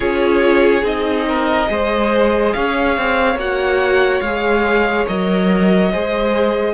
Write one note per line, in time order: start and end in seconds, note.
0.00 0.83 C#4
0.00 0.82 F4
0.00 1.25 G#4
0.00 0.84 C#5
0.82 1.67 C4
0.82 1.66 D#4
0.82 2.53 D#5
1.27 1.69 A#4
1.66 2.54 G#3
1.66 3.35 G#4
1.66 2.55 C5
2.53 2.97 C#4
2.53 5.92 C#5
2.53 3.37 F5
2.97 3.35 C4
3.35 4.20 A#3
3.35 4.23 F#4
3.35 4.20 F#5
4.20 5.05 G#3
4.20 5.07 G#4
4.20 5.05 F5
5.07 5.93 F#3
5.07 5.92 A#4
5.07 6.73 D#5
5.92 6.73 G#3
5.92 6.73 G#4
5.92 6.73 C5